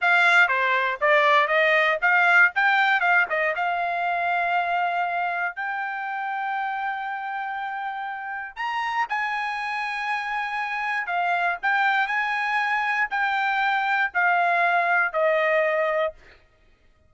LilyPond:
\new Staff \with { instrumentName = "trumpet" } { \time 4/4 \tempo 4 = 119 f''4 c''4 d''4 dis''4 | f''4 g''4 f''8 dis''8 f''4~ | f''2. g''4~ | g''1~ |
g''4 ais''4 gis''2~ | gis''2 f''4 g''4 | gis''2 g''2 | f''2 dis''2 | }